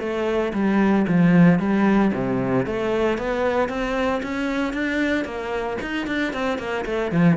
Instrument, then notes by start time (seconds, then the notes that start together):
cello
0.00 A3
0.54 G3
1.08 F3
1.59 G3
2.14 C3
2.66 A3
3.18 B3
3.69 C4
4.23 C#4
4.73 D4
5.25 A#3
5.82 D#4
6.07 D4
6.33 C4
6.59 A#3
6.86 A3
7.12 F3